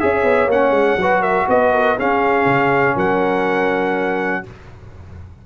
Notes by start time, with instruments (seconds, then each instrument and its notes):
0.00 tuba C#4, trombone G#4, horn C#5, trumpet E5
0.24 tuba B3
0.47 tuba A#3, trombone C#4, trumpet F#5
0.71 tuba G#3
0.97 tuba F#3, trombone F#4, horn B4
1.20 horn A#4, trumpet E5
1.48 tuba B3, horn B4, trumpet D#5
1.73 horn A#4
1.97 trombone C#4, tuba C#4, horn G#4, trumpet F5
2.46 tuba C#3
2.95 tuba F#3, horn A#4, trumpet F#5